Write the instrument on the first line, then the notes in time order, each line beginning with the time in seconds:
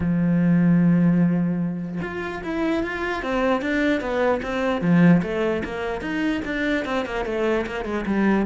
cello
0.00 F3
2.02 F4
2.43 E4
2.83 F4
3.22 C4
3.61 D4
4.00 B3
4.42 C4
4.81 F3
5.22 A3
5.64 A#3
6.01 D#4
6.44 D4
6.85 C4
7.05 A#3
7.25 A3
7.66 A#3
7.84 G#3
8.06 G3